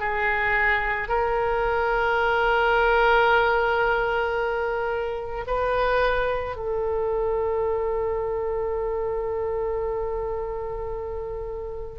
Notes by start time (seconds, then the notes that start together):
0.00 G#4
1.09 A#4
5.47 B4
6.56 A4